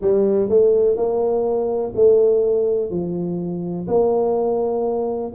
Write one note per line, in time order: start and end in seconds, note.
0.01 0.49 G3
0.49 0.96 A3
0.96 1.93 A#3
1.95 2.90 A3
2.90 3.87 F3
3.87 5.32 A#3